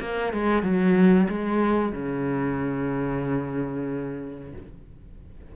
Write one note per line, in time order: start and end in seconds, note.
0.00 0.33 A#3
0.33 0.62 G#3
0.62 1.27 F#3
1.29 1.92 G#3
1.92 4.53 C#3